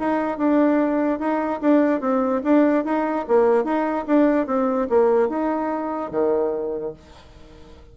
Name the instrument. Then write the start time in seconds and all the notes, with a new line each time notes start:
bassoon
0.00 D#4
0.38 D4
1.20 D#4
1.62 D4
2.01 C4
2.44 D4
2.85 D#4
3.28 A#3
3.65 D#4
4.07 D4
4.47 C4
4.90 A#3
5.29 D#4
6.12 D#3